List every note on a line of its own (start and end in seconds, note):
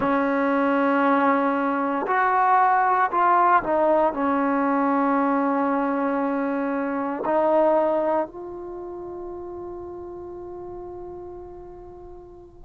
0.00 2.06 C#4
2.06 3.10 F#4
3.11 3.63 F4
3.63 4.13 D#4
4.13 7.23 C#4
7.25 8.26 D#4
8.26 12.64 F4